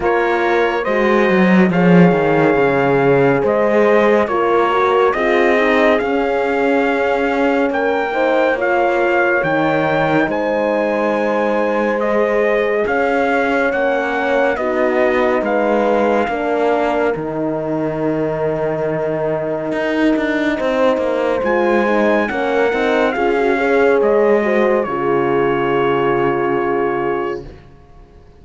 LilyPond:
<<
  \new Staff \with { instrumentName = "trumpet" } { \time 4/4 \tempo 4 = 70 cis''4 dis''4 f''2 | dis''4 cis''4 dis''4 f''4~ | f''4 g''4 f''4 g''4 | gis''2 dis''4 f''4 |
fis''4 dis''4 f''2 | g''1~ | g''4 gis''4 fis''4 f''4 | dis''4 cis''2. | }
  \new Staff \with { instrumentName = "horn" } { \time 4/4 ais'4 c''4 cis''2 | c''4 ais'4 gis'2~ | gis'4 ais'8 c''8 cis''2 | c''2. cis''4~ |
cis''4 fis'4 b'4 ais'4~ | ais'1 | c''2 ais'4 gis'8 cis''8~ | cis''8 c''8 gis'2. | }
  \new Staff \with { instrumentName = "horn" } { \time 4/4 f'4 fis'4 gis'2~ | gis'4 f'8 fis'8 f'8 dis'8 cis'4~ | cis'4. dis'8 f'4 dis'4~ | dis'2 gis'2 |
cis'4 dis'2 d'4 | dis'1~ | dis'4 f'8 dis'8 cis'8 dis'8 f'16 fis'16 gis'8~ | gis'8 fis'8 f'2. | }
  \new Staff \with { instrumentName = "cello" } { \time 4/4 ais4 gis8 fis8 f8 dis8 cis4 | gis4 ais4 c'4 cis'4~ | cis'4 ais2 dis4 | gis2. cis'4 |
ais4 b4 gis4 ais4 | dis2. dis'8 d'8 | c'8 ais8 gis4 ais8 c'8 cis'4 | gis4 cis2. | }
>>